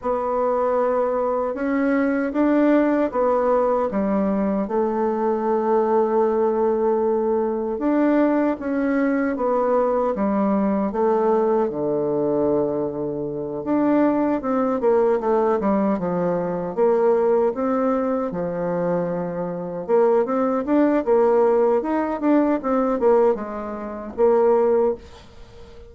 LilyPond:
\new Staff \with { instrumentName = "bassoon" } { \time 4/4 \tempo 4 = 77 b2 cis'4 d'4 | b4 g4 a2~ | a2 d'4 cis'4 | b4 g4 a4 d4~ |
d4. d'4 c'8 ais8 a8 | g8 f4 ais4 c'4 f8~ | f4. ais8 c'8 d'8 ais4 | dis'8 d'8 c'8 ais8 gis4 ais4 | }